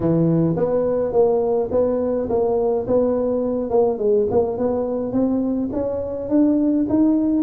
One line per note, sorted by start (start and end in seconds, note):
0.00 0.55 E3
0.56 1.12 B3
1.12 1.69 A#3
1.71 2.28 B3
2.29 2.86 A#3
2.87 3.70 B3
3.70 3.98 A#3
3.98 4.26 G#3
4.31 4.57 A#3
4.57 5.12 B3
5.12 5.69 C4
5.72 6.29 C#4
6.29 6.86 D4
6.89 7.43 D#4